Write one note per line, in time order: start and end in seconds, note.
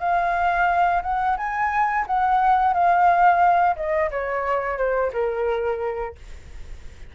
0.00 1.02 F5
1.03 1.37 F#5
1.38 2.06 G#5
2.07 2.74 F#5
2.74 3.76 F5
3.76 4.10 D#5
4.11 4.78 C#5
4.78 5.12 C5
5.13 6.15 A#4